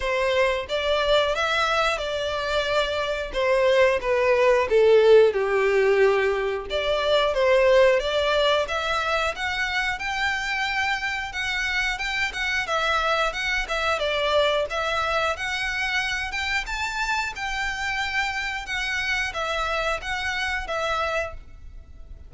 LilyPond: \new Staff \with { instrumentName = "violin" } { \time 4/4 \tempo 4 = 90 c''4 d''4 e''4 d''4~ | d''4 c''4 b'4 a'4 | g'2 d''4 c''4 | d''4 e''4 fis''4 g''4~ |
g''4 fis''4 g''8 fis''8 e''4 | fis''8 e''8 d''4 e''4 fis''4~ | fis''8 g''8 a''4 g''2 | fis''4 e''4 fis''4 e''4 | }